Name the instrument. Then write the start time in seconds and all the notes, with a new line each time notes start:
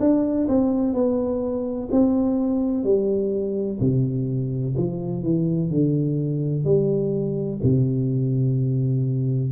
tuba
0.00 D4
0.48 C4
0.94 B3
1.92 C4
2.84 G3
3.81 C3
4.77 F3
5.23 E3
5.71 D3
6.65 G3
7.63 C3